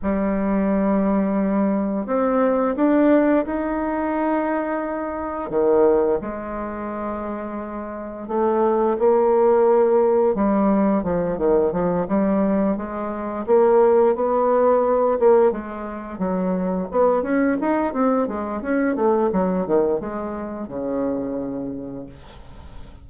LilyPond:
\new Staff \with { instrumentName = "bassoon" } { \time 4/4 \tempo 4 = 87 g2. c'4 | d'4 dis'2. | dis4 gis2. | a4 ais2 g4 |
f8 dis8 f8 g4 gis4 ais8~ | ais8 b4. ais8 gis4 fis8~ | fis8 b8 cis'8 dis'8 c'8 gis8 cis'8 a8 | fis8 dis8 gis4 cis2 | }